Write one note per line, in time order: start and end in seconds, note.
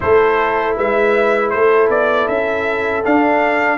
0.00 0.78 A3
0.00 3.03 E4
0.00 0.76 A4
0.00 0.76 C5
0.76 1.53 G#3
0.76 1.52 B4
0.76 1.50 E5
1.50 1.89 A3
1.50 3.77 A4
1.50 1.88 C5
1.89 2.27 B3
1.89 2.28 D5
2.28 3.03 C#4
2.28 3.04 E5
3.03 3.77 D4
3.03 3.77 F5